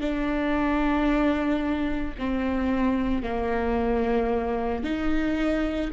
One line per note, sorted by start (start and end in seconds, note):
0.00 2.14 D4
2.18 3.23 C4
3.23 4.84 A#3
4.84 5.91 D#4